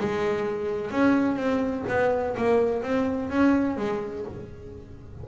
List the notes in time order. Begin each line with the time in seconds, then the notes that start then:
0.00 G#3
0.92 C#4
1.37 C4
1.89 B3
2.38 A#3
2.83 C4
3.31 C#4
3.78 G#3